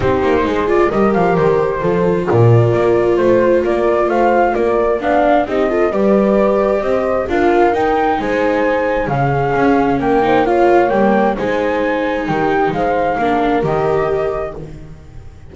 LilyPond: <<
  \new Staff \with { instrumentName = "flute" } { \time 4/4 \tempo 4 = 132 c''4. d''8 dis''8 f''8 c''4~ | c''4 d''2 c''4 | d''4 f''4 d''4 f''4 | dis''4 d''2 dis''4 |
f''4 g''4 gis''2 | f''2 g''4 f''4 | g''4 gis''2 g''4 | f''2 dis''2 | }
  \new Staff \with { instrumentName = "horn" } { \time 4/4 g'4 gis'4 ais'2 | a'4 ais'2 c''4 | ais'4 c''4 ais'4 d''4 | g'8 a'8 b'2 c''4 |
ais'2 c''2 | gis'2 ais'8 c''8 cis''4~ | cis''4 c''2 g'4 | c''4 ais'2. | }
  \new Staff \with { instrumentName = "viola" } { \time 4/4 dis'4. f'8 g'2 | f'1~ | f'2. d'4 | dis'8 f'8 g'2. |
f'4 dis'2. | cis'2~ cis'8 dis'8 f'4 | ais4 dis'2.~ | dis'4 d'4 g'2 | }
  \new Staff \with { instrumentName = "double bass" } { \time 4/4 c'8 ais8 gis4 g8 f8 dis4 | f4 ais,4 ais4 a4 | ais4 a4 ais4 b4 | c'4 g2 c'4 |
d'4 dis'4 gis2 | cis4 cis'4 ais2 | g4 gis2 dis4 | gis4 ais4 dis2 | }
>>